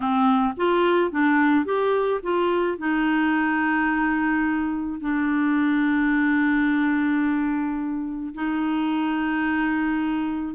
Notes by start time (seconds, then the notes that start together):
0.00 C4
0.56 F4
1.11 D4
1.65 G4
2.22 F4
2.78 D#4
5.00 D4
8.34 D#4